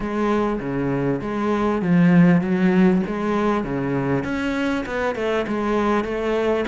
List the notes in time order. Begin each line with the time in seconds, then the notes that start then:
0.00 G#3
0.60 C#3
1.21 G#3
1.82 F3
2.41 F#3
3.06 G#3
3.64 C#3
4.24 C#4
4.85 B3
5.15 A3
5.47 G#3
6.04 A3